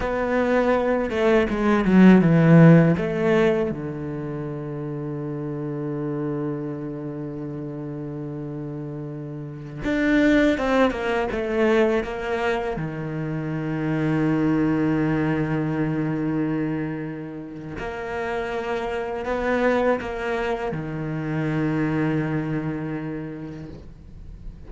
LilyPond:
\new Staff \with { instrumentName = "cello" } { \time 4/4 \tempo 4 = 81 b4. a8 gis8 fis8 e4 | a4 d2.~ | d1~ | d4~ d16 d'4 c'8 ais8 a8.~ |
a16 ais4 dis2~ dis8.~ | dis1 | ais2 b4 ais4 | dis1 | }